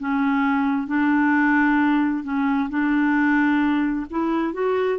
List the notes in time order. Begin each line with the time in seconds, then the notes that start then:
0.00 C#4
0.88 D4
2.24 C#4
2.70 D4
4.11 E4
4.54 F#4